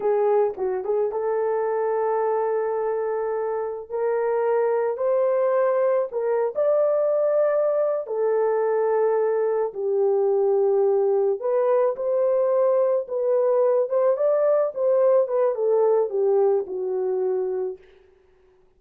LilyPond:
\new Staff \with { instrumentName = "horn" } { \time 4/4 \tempo 4 = 108 gis'4 fis'8 gis'8 a'2~ | a'2. ais'4~ | ais'4 c''2 ais'8. d''16~ | d''2~ d''8 a'4.~ |
a'4. g'2~ g'8~ | g'8 b'4 c''2 b'8~ | b'4 c''8 d''4 c''4 b'8 | a'4 g'4 fis'2 | }